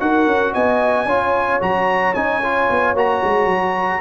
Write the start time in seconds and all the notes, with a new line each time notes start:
0.00 D#4 F#4 A#4 F#5
0.27 C#4
0.53 B3 D#5 G#5
1.06 C#4 F4 C#5
1.61 F#3 F#4 A#5
2.15 C#4 D#4 G#5
2.44 F4
2.71 B3
2.95 A#3 F#4 A#5
3.24 G#3
3.46 F#3